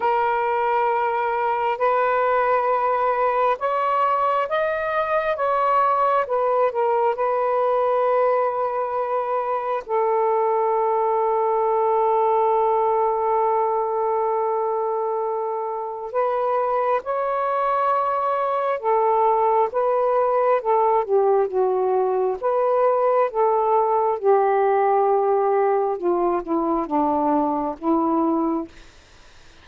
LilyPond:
\new Staff \with { instrumentName = "saxophone" } { \time 4/4 \tempo 4 = 67 ais'2 b'2 | cis''4 dis''4 cis''4 b'8 ais'8 | b'2. a'4~ | a'1~ |
a'2 b'4 cis''4~ | cis''4 a'4 b'4 a'8 g'8 | fis'4 b'4 a'4 g'4~ | g'4 f'8 e'8 d'4 e'4 | }